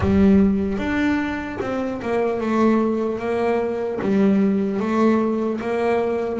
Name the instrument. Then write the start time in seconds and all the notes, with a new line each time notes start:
double bass
0.00 G3
0.77 D4
1.60 C4
2.02 A#3
2.40 A3
3.19 A#3
4.01 G3
4.80 A3
5.60 A#3